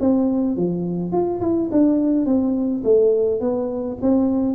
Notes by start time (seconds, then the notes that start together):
0.00 C4
0.56 F3
1.12 F4
1.41 E4
1.72 D4
2.25 C4
2.84 A3
3.41 B3
4.01 C4